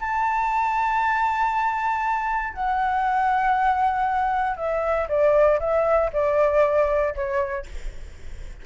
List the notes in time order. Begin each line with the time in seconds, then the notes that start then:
0.00 A5
2.54 F#5
4.57 E5
5.08 D5
5.60 E5
6.12 D5
7.15 C#5